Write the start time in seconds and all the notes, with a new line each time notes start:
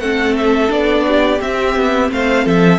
0.00 A3 C4 A4 F#5
0.37 E5
0.68 B3 D4 D5
1.08 G4
1.41 C4 E5
1.76 B3
2.13 A3 C5 F5
2.45 F3 A4 E5